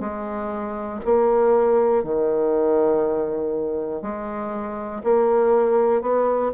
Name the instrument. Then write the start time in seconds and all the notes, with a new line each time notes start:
bassoon
0.00 G#3
1.05 A#3
2.04 D#3
4.02 G#3
5.04 A#3
6.02 B3